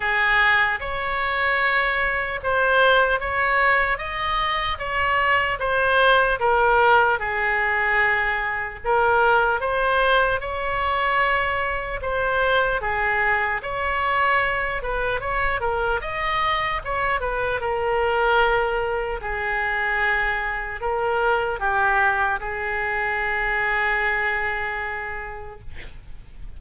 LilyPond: \new Staff \with { instrumentName = "oboe" } { \time 4/4 \tempo 4 = 75 gis'4 cis''2 c''4 | cis''4 dis''4 cis''4 c''4 | ais'4 gis'2 ais'4 | c''4 cis''2 c''4 |
gis'4 cis''4. b'8 cis''8 ais'8 | dis''4 cis''8 b'8 ais'2 | gis'2 ais'4 g'4 | gis'1 | }